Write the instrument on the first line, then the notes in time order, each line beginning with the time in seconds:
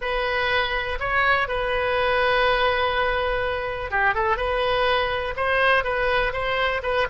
oboe
0.01 B4
0.99 C#5
1.48 B4
3.90 G4
4.14 A4
4.37 B4
5.36 C5
5.84 B4
6.32 C5
6.82 B4